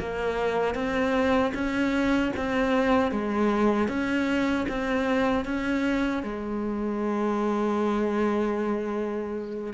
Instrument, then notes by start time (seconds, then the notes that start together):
cello
0.00 A#3
0.75 C4
1.54 C#4
2.37 C4
3.12 G#3
3.89 C#4
4.69 C4
5.45 C#4
6.23 G#3